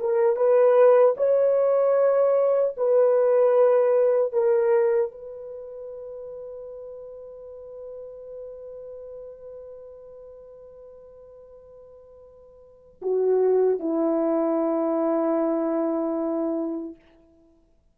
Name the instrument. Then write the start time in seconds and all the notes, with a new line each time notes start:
horn
0.00 A#4
0.36 B4
1.17 C#5
2.77 B4
4.33 A#4
5.12 B4
13.02 F#4
13.80 E4